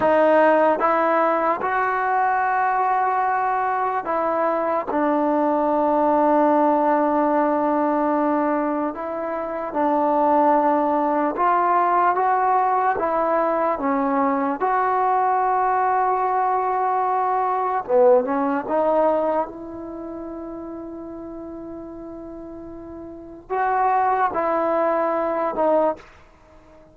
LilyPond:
\new Staff \with { instrumentName = "trombone" } { \time 4/4 \tempo 4 = 74 dis'4 e'4 fis'2~ | fis'4 e'4 d'2~ | d'2. e'4 | d'2 f'4 fis'4 |
e'4 cis'4 fis'2~ | fis'2 b8 cis'8 dis'4 | e'1~ | e'4 fis'4 e'4. dis'8 | }